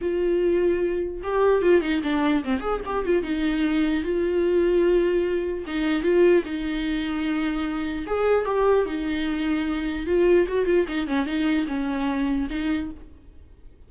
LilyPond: \new Staff \with { instrumentName = "viola" } { \time 4/4 \tempo 4 = 149 f'2. g'4 | f'8 dis'8 d'4 c'8 gis'8 g'8 f'8 | dis'2 f'2~ | f'2 dis'4 f'4 |
dis'1 | gis'4 g'4 dis'2~ | dis'4 f'4 fis'8 f'8 dis'8 cis'8 | dis'4 cis'2 dis'4 | }